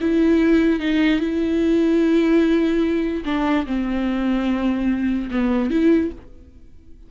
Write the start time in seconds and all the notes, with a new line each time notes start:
0.00 E4
0.80 D#4
1.19 E4
3.25 D4
3.66 C4
5.31 B3
5.70 E4